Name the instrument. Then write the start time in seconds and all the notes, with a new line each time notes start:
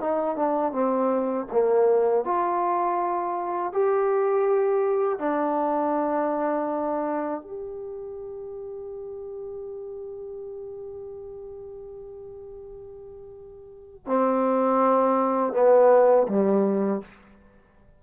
trombone
0.00 D#4
0.36 D4
0.72 C4
1.52 A#3
2.25 F4
3.72 G4
5.19 D4
7.41 G4
14.06 C4
15.53 B3
16.28 G3